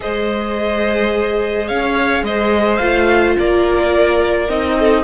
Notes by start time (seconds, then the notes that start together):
0.00 G#3 G#4 C5 D#5
1.67 C#4 C#5 F5
2.23 G#3 C5 D#5
2.76 A3 F4 F5
3.38 A#3 A#4 D5
4.49 C4 D#4 D#5
4.79 A4